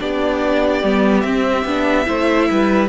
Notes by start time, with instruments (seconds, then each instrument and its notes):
0.00 cello B3, viola D4, violin G4 D5
0.83 cello G3, viola B3
1.21 cello C4, viola C4, violin E5
1.65 cello B3, viola D4
2.06 cello A3, viola E4, violin C5
2.51 cello G3, violin B4